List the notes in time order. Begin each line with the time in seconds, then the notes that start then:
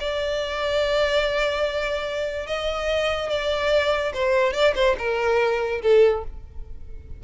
0.00 D5
2.47 D#5
3.30 D5
4.14 C5
4.53 D5
4.75 C5
4.98 A#4
5.82 A4